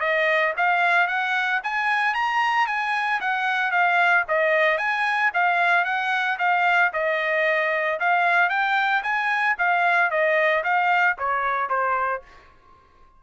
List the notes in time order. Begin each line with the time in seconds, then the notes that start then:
0.00 D#5
0.57 F5
1.07 F#5
1.63 G#5
2.14 A#5
2.67 G#5
3.20 F#5
3.71 F5
4.28 D#5
4.78 G#5
5.34 F5
5.85 F#5
6.38 F5
6.93 D#5
8.00 F5
8.49 G5
9.03 G#5
9.58 F5
10.10 D#5
10.64 F5
11.18 C#5
11.69 C5